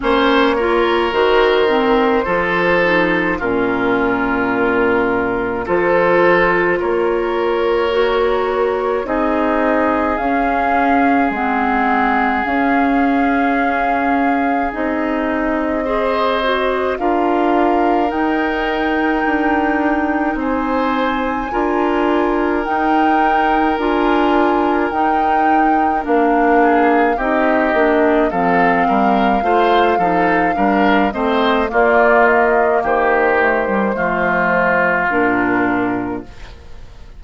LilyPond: <<
  \new Staff \with { instrumentName = "flute" } { \time 4/4 \tempo 4 = 53 cis''4 c''2 ais'4~ | ais'4 c''4 cis''2 | dis''4 f''4 fis''4 f''4~ | f''4 dis''2 f''4 |
g''2 gis''2 | g''4 gis''4 g''4 f''4 | dis''4 f''2~ f''8 dis''8 | d''8 dis''8 c''2 ais'4 | }
  \new Staff \with { instrumentName = "oboe" } { \time 4/4 c''8 ais'4. a'4 f'4~ | f'4 a'4 ais'2 | gis'1~ | gis'2 c''4 ais'4~ |
ais'2 c''4 ais'4~ | ais'2.~ ais'8 gis'8 | g'4 a'8 ais'8 c''8 a'8 ais'8 c''8 | f'4 g'4 f'2 | }
  \new Staff \with { instrumentName = "clarinet" } { \time 4/4 cis'8 f'8 fis'8 c'8 f'8 dis'8 cis'4~ | cis'4 f'2 fis'4 | dis'4 cis'4 c'4 cis'4~ | cis'4 dis'4 gis'8 fis'8 f'4 |
dis'2. f'4 | dis'4 f'4 dis'4 d'4 | dis'8 d'8 c'4 f'8 dis'8 d'8 c'8 | ais4. a16 g16 a4 d'4 | }
  \new Staff \with { instrumentName = "bassoon" } { \time 4/4 ais4 dis4 f4 ais,4~ | ais,4 f4 ais2 | c'4 cis'4 gis4 cis'4~ | cis'4 c'2 d'4 |
dis'4 d'4 c'4 d'4 | dis'4 d'4 dis'4 ais4 | c'8 ais8 f8 g8 a8 f8 g8 a8 | ais4 dis4 f4 ais,4 | }
>>